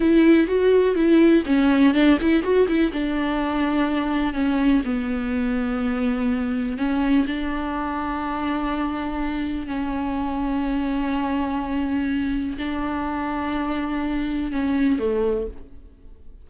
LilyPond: \new Staff \with { instrumentName = "viola" } { \time 4/4 \tempo 4 = 124 e'4 fis'4 e'4 cis'4 | d'8 e'8 fis'8 e'8 d'2~ | d'4 cis'4 b2~ | b2 cis'4 d'4~ |
d'1 | cis'1~ | cis'2 d'2~ | d'2 cis'4 a4 | }